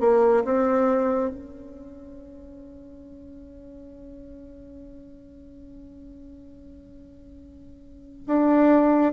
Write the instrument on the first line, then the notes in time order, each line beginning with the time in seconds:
bassoon
0.00 A#3
0.45 C4
1.30 C#4
8.27 D4